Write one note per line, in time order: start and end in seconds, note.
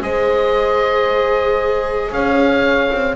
0.00 2.11 G#3
0.00 3.16 G#4
0.00 2.13 C5
0.00 2.12 D#5
2.11 2.90 C#4
2.11 3.16 C#5
2.11 3.16 F5
2.92 3.16 C4